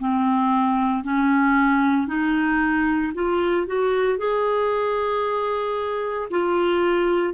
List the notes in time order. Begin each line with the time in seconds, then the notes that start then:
0.00 C4
1.04 C#4
2.08 D#4
3.15 F4
3.67 F#4
4.19 G#4
6.31 F4